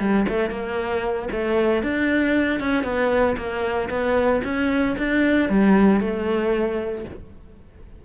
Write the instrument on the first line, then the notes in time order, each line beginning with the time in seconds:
cello
0.00 G3
0.29 A3
0.51 A#3
1.32 A3
1.83 D4
2.61 C#4
2.84 B3
3.37 A#3
3.90 B3
4.44 C#4
4.98 D4
5.49 G3
6.01 A3